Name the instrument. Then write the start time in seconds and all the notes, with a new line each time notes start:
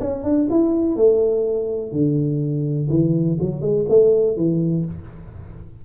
tuba
0.00 C#4
0.24 D4
0.50 E4
0.96 A3
1.92 D3
2.90 E3
3.40 F#3
3.61 G#3
3.89 A3
4.37 E3